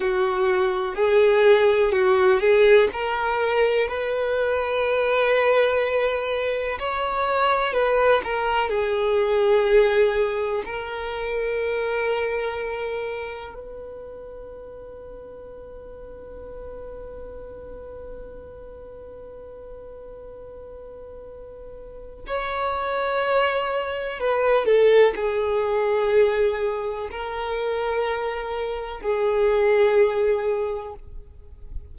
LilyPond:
\new Staff \with { instrumentName = "violin" } { \time 4/4 \tempo 4 = 62 fis'4 gis'4 fis'8 gis'8 ais'4 | b'2. cis''4 | b'8 ais'8 gis'2 ais'4~ | ais'2 b'2~ |
b'1~ | b'2. cis''4~ | cis''4 b'8 a'8 gis'2 | ais'2 gis'2 | }